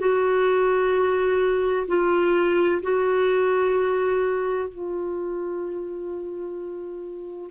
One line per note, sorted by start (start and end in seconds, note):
0.00 1.87 F#4
1.88 2.82 F4
2.83 4.70 F#4
4.70 7.51 F4